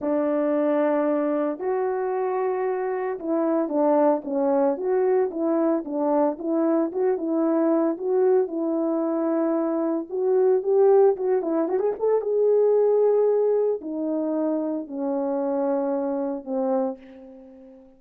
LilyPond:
\new Staff \with { instrumentName = "horn" } { \time 4/4 \tempo 4 = 113 d'2. fis'4~ | fis'2 e'4 d'4 | cis'4 fis'4 e'4 d'4 | e'4 fis'8 e'4. fis'4 |
e'2. fis'4 | g'4 fis'8 e'8 fis'16 gis'16 a'8 gis'4~ | gis'2 dis'2 | cis'2. c'4 | }